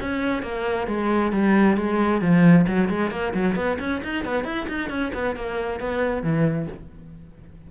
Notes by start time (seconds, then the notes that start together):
0.00 C#4
0.42 A#3
0.87 G#3
1.32 G3
1.76 G#3
2.21 F3
2.67 F#3
2.89 G#3
3.11 A#3
3.34 F#3
3.55 B3
3.79 C#4
4.03 D#4
4.24 B3
4.44 E4
4.68 D#4
4.89 C#4
5.14 B3
5.36 A#3
5.80 B3
6.23 E3